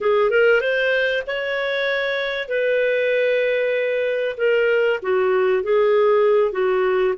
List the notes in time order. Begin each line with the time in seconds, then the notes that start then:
0.01 G#4
0.30 A#4
0.61 C5
1.26 C#5
2.48 B4
4.37 A#4
5.02 F#4
5.62 G#4
6.52 F#4